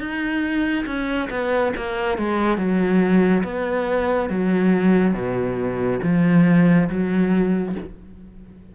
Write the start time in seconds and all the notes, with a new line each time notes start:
0.00 D#4
0.86 C#4
1.30 B3
1.76 A#3
2.18 G#3
2.58 F#3
3.44 B3
4.30 F#3
5.14 B2
6.03 F3
6.90 F#3